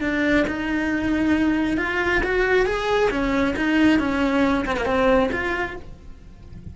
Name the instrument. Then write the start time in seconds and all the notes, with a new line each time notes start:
cello
0.00 D4
0.47 D#4
1.77 F4
2.23 F#4
2.65 G#4
3.10 C#4
3.56 D#4
3.99 C#4
4.65 C4
4.76 A#3
4.85 C4
5.31 F4